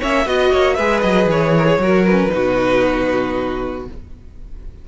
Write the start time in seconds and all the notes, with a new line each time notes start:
0.00 A#3 C#4 C#5 E5
0.26 B3 F#4 D#5
0.52 A#3 C#5
0.75 G#3 G#4 B4 E5
1.01 F#3 D#5
1.26 E3 C#5
1.58 A#4
1.66 G#4
1.78 F#3 F#4 A#4
2.06 C#4 B4
2.29 B2 D#4 F#4